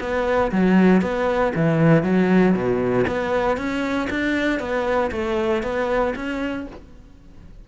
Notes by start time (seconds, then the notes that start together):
0.00 B3
0.52 F#3
1.02 B3
1.55 E3
2.03 F#3
2.55 B2
3.07 B3
3.57 C#4
4.10 D4
4.60 B3
5.12 A3
5.63 B3
6.16 C#4